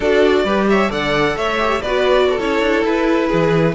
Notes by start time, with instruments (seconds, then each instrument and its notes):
0.00 cello D4, viola F#4, violin A4 D5
0.44 cello G3, viola G4, violin B4
0.68 violin C#5 E5
0.88 cello D3, viola A4, violin D5 F#5
1.36 cello A3, violin C#5 E5
1.59 viola G4
1.82 cello B3, viola F#4, violin B4 D5
2.29 violin A4
2.38 cello C#4, viola E4, violin C#5
2.60 cello D4
2.84 cello E4, violin B4
3.27 cello E3, violin G#4